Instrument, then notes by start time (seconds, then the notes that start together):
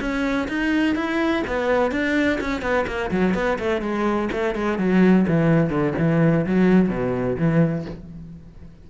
cello
0.00 C#4
0.48 D#4
0.95 E4
1.47 B3
1.91 D4
2.40 C#4
2.61 B3
2.87 A#3
3.11 F#3
3.34 B3
3.59 A3
3.81 G#3
4.32 A3
4.55 G#3
4.78 F#3
5.27 E3
5.69 D3
5.98 E3
6.46 F#3
6.89 B2
7.37 E3